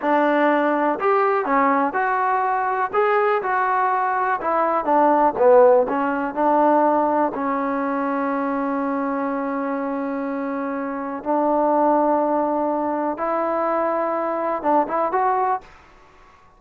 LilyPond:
\new Staff \with { instrumentName = "trombone" } { \time 4/4 \tempo 4 = 123 d'2 g'4 cis'4 | fis'2 gis'4 fis'4~ | fis'4 e'4 d'4 b4 | cis'4 d'2 cis'4~ |
cis'1~ | cis'2. d'4~ | d'2. e'4~ | e'2 d'8 e'8 fis'4 | }